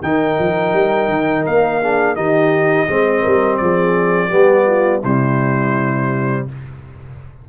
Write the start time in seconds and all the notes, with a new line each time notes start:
0.00 D#3 D#4 A#4 G5
0.39 F3
0.73 G3
1.08 D#3
1.46 A#3 F5
1.80 D4 G#4
2.15 D#3 D#4 G4 D#5
2.88 G#3 C4 C5
3.22 G3 A#4
3.57 F3 G#4 D5
4.28 G3 B3 G4
4.66 F4
5.01 C3 G3 E4 C5